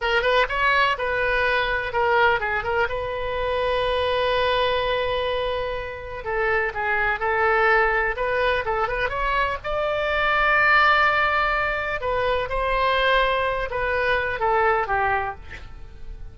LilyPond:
\new Staff \with { instrumentName = "oboe" } { \time 4/4 \tempo 4 = 125 ais'8 b'8 cis''4 b'2 | ais'4 gis'8 ais'8 b'2~ | b'1~ | b'4 a'4 gis'4 a'4~ |
a'4 b'4 a'8 b'8 cis''4 | d''1~ | d''4 b'4 c''2~ | c''8 b'4. a'4 g'4 | }